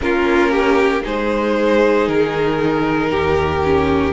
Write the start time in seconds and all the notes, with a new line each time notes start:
0.01 A#3 C#4 F4 A#4
0.51 G4
1.02 G#3 D#4 G#4 C5
2.08 D#3 A#4
3.11 D#2 G4
3.64 C#4